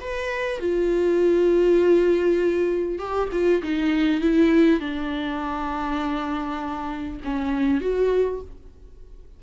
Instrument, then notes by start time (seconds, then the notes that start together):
viola
0.00 B4
0.59 F4
2.98 G4
3.32 F4
3.62 D#4
4.20 E4
4.80 D4
7.24 C#4
7.81 F#4